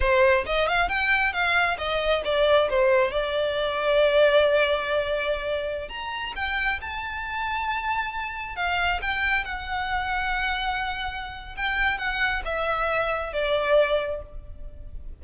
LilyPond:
\new Staff \with { instrumentName = "violin" } { \time 4/4 \tempo 4 = 135 c''4 dis''8 f''8 g''4 f''4 | dis''4 d''4 c''4 d''4~ | d''1~ | d''4~ d''16 ais''4 g''4 a''8.~ |
a''2.~ a''16 f''8.~ | f''16 g''4 fis''2~ fis''8.~ | fis''2 g''4 fis''4 | e''2 d''2 | }